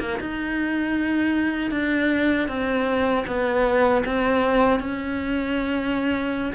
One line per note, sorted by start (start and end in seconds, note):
0.00 0.19 A#3
0.20 1.71 D#4
1.71 2.48 D4
2.48 3.25 C4
3.27 4.04 B3
4.06 4.80 C4
4.80 6.53 C#4